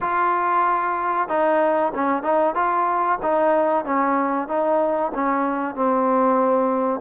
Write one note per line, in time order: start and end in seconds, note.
0.00 1.28 F4
1.28 1.92 D#4
1.94 2.22 C#4
2.22 2.54 D#4
2.54 3.18 F4
3.22 3.84 D#4
3.84 4.48 C#4
4.48 5.12 D#4
5.14 5.75 C#4
5.75 7.00 C4